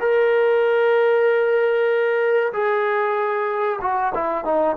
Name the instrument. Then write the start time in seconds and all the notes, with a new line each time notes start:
trombone
0.00 A#4
2.53 G#4
3.81 F#4
4.15 E4
4.45 D#4